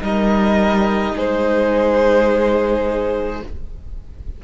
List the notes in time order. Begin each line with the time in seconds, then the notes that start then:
0.00 G3 D#4 A#4 D#5
1.15 G#3 G#4 C5